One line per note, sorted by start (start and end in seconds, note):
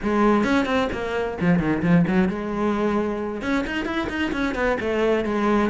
0.02 0.44 G#3
0.44 0.65 C#4
0.65 0.88 C4
0.92 1.38 A#3
1.40 1.59 F3
1.59 1.82 D#3
1.82 2.05 F3
2.07 2.28 F#3
2.28 3.41 G#3
3.41 3.64 C#4
3.67 3.85 D#4
3.85 4.07 E4
4.09 4.32 D#4
4.32 4.55 C#4
4.55 4.77 B3
4.80 5.24 A3
5.24 5.69 G#3